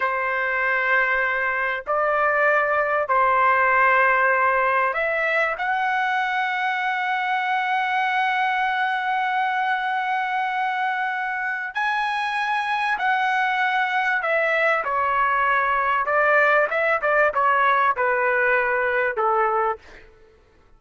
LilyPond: \new Staff \with { instrumentName = "trumpet" } { \time 4/4 \tempo 4 = 97 c''2. d''4~ | d''4 c''2. | e''4 fis''2.~ | fis''1~ |
fis''2. gis''4~ | gis''4 fis''2 e''4 | cis''2 d''4 e''8 d''8 | cis''4 b'2 a'4 | }